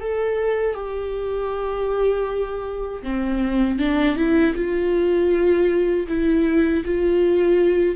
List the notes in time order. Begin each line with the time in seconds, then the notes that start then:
0.00 A4
0.74 G4
3.02 C4
3.78 D4
4.16 E4
4.55 F4
6.08 E4
6.84 F4